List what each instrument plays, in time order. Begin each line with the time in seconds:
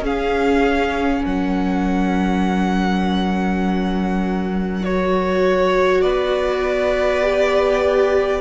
0.00 cello C#4, viola C#4, violin G#4 F5
1.24 cello F#3, violin A#4 F#5
4.82 viola F#4, violin C#5
6.02 cello B3, violin B4 D5
7.22 viola G4